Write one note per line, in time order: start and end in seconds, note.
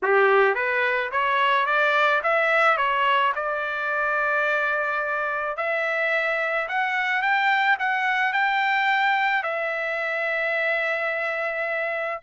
0.02 0.54 G4
0.54 1.10 B4
1.11 1.66 C#5
1.66 2.21 D5
2.23 2.77 E5
2.77 3.33 C#5
3.35 5.56 D5
5.56 6.67 E5
6.68 7.21 F#5
7.21 7.77 G5
7.79 8.33 F#5
8.33 9.43 G5
9.43 12.21 E5